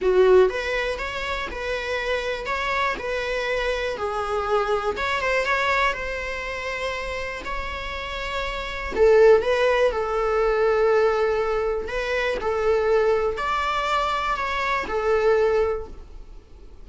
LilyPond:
\new Staff \with { instrumentName = "viola" } { \time 4/4 \tempo 4 = 121 fis'4 b'4 cis''4 b'4~ | b'4 cis''4 b'2 | gis'2 cis''8 c''8 cis''4 | c''2. cis''4~ |
cis''2 a'4 b'4 | a'1 | b'4 a'2 d''4~ | d''4 cis''4 a'2 | }